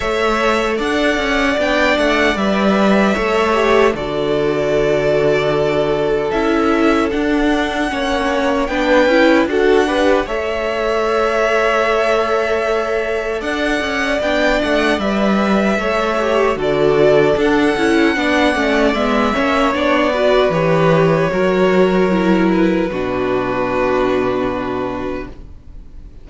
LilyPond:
<<
  \new Staff \with { instrumentName = "violin" } { \time 4/4 \tempo 4 = 76 e''4 fis''4 g''8 fis''8 e''4~ | e''4 d''2. | e''4 fis''2 g''4 | fis''4 e''2.~ |
e''4 fis''4 g''8 fis''8 e''4~ | e''4 d''4 fis''2 | e''4 d''4 cis''2~ | cis''8 b'2.~ b'8 | }
  \new Staff \with { instrumentName = "violin" } { \time 4/4 cis''4 d''2. | cis''4 a'2.~ | a'2 cis''4 b'4 | a'8 b'8 cis''2.~ |
cis''4 d''2. | cis''4 a'2 d''4~ | d''8 cis''4 b'4. ais'4~ | ais'4 fis'2. | }
  \new Staff \with { instrumentName = "viola" } { \time 4/4 a'2 d'4 b'4 | a'8 g'8 fis'2. | e'4 d'4 cis'4 d'8 e'8 | fis'8 g'8 a'2.~ |
a'2 d'4 b'4 | a'8 g'8 fis'4 d'8 e'8 d'8 cis'8 | b8 cis'8 d'8 fis'8 g'4 fis'4 | e'4 d'2. | }
  \new Staff \with { instrumentName = "cello" } { \time 4/4 a4 d'8 cis'8 b8 a8 g4 | a4 d2. | cis'4 d'4 ais4 b8 cis'8 | d'4 a2.~ |
a4 d'8 cis'8 b8 a8 g4 | a4 d4 d'8 cis'8 b8 a8 | gis8 ais8 b4 e4 fis4~ | fis4 b,2. | }
>>